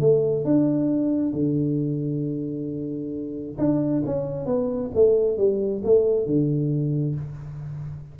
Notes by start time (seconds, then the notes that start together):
0.00 A3
0.45 D4
1.33 D3
3.58 D4
4.06 C#4
4.46 B3
4.95 A3
5.38 G3
5.84 A3
6.26 D3